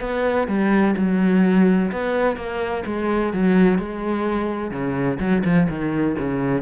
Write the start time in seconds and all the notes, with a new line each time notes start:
0.00 B3
0.47 G3
0.96 F#3
1.91 B3
2.36 A#3
2.86 G#3
3.33 F#3
3.78 G#3
4.71 C#3
5.19 F#3
5.44 F3
5.69 D#3
6.18 C#3